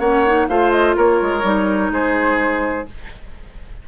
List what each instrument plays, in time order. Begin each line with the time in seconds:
0.00 bassoon A#3, clarinet C#4, oboe C#5, flute F#5
0.27 clarinet D#4
0.49 bassoon A3, clarinet F4, oboe C5, flute F5
0.72 flute D#5
0.97 bassoon A#3, oboe A#4, flute C#5
1.22 bassoon G#3
1.43 bassoon G3, clarinet D#4
1.91 bassoon G#3, oboe G#4, flute C5